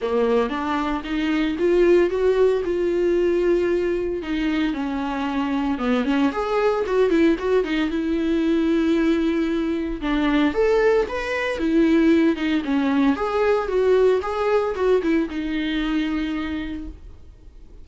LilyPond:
\new Staff \with { instrumentName = "viola" } { \time 4/4 \tempo 4 = 114 ais4 d'4 dis'4 f'4 | fis'4 f'2. | dis'4 cis'2 b8 cis'8 | gis'4 fis'8 e'8 fis'8 dis'8 e'4~ |
e'2. d'4 | a'4 b'4 e'4. dis'8 | cis'4 gis'4 fis'4 gis'4 | fis'8 e'8 dis'2. | }